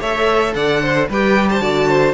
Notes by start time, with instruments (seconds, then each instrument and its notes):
0.00 cello A3, viola A4, violin C#5 E5
0.54 cello D3, violin D5 F#5
0.82 violin C5
1.09 cello G3, viola G4, violin B4 G5
1.49 violin C5 A5
1.60 cello D3, viola F#4, violin D5
1.89 violin C5